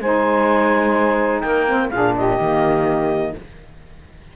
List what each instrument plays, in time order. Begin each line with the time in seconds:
0.00 cello G#3, saxophone D#4 C5, clarinet G#5
1.41 cello A#3, saxophone A#4, clarinet G5
1.67 saxophone C4
1.90 cello A#2, saxophone D4 G#4, clarinet F5
2.16 saxophone G4, clarinet D#5
2.38 cello D#3, saxophone A#3